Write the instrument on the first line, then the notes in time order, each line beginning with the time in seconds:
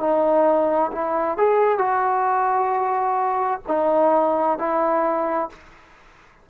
trombone
0.00 D#4
0.92 E4
1.38 G#4
1.79 F#4
3.68 D#4
4.59 E4